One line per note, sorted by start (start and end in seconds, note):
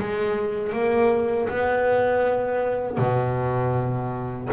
0.00 0.73 G#3
0.73 1.49 A#3
1.49 2.98 B3
2.98 4.50 B2